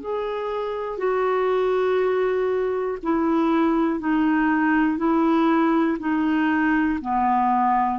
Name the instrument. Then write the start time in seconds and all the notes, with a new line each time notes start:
clarinet
0.00 G#4
0.98 F#4
3.03 E4
4.00 D#4
4.97 E4
5.99 D#4
7.00 B3